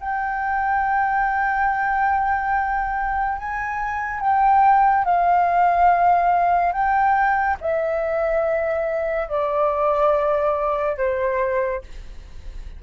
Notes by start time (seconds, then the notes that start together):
0.00 G5
3.38 G#5
4.21 G5
5.05 F5
6.72 G5
7.61 E5
9.28 D5
10.97 C5